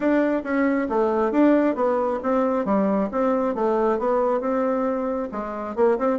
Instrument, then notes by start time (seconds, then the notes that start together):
bassoon
0.00 D4
0.43 C#4
0.89 A3
1.31 D4
1.75 B3
2.22 C4
2.65 G3
3.11 C4
3.54 A3
3.98 B3
4.40 C4
5.31 G#3
5.75 A#3
5.98 C4